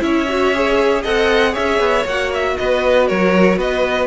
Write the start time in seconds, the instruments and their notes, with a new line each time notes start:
0.00 cello C#4, viola E4, violin C#5 E5
0.29 viola F#4
0.55 viola G#4
1.03 cello C4, viola A4, violin D#5 F#5
1.52 cello C#4, viola G#4, violin C#5 E5
1.80 cello B3
2.06 cello A#3, viola F#4, violin F#5
2.34 violin E5
2.58 cello B3, violin B4 D#5
3.08 cello F#3, violin A#4 C#5
3.57 cello B3, violin B4 D#5